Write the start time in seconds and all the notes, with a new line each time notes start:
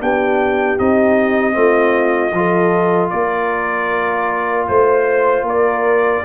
0.00 B3 D4 G4 G5
0.78 C4 D#4 D#5
1.52 A3 C4 F4
2.32 F3 F4 A4
3.10 A#3 A#4 D5
4.67 A3 C5
5.42 A#3 A#4 D5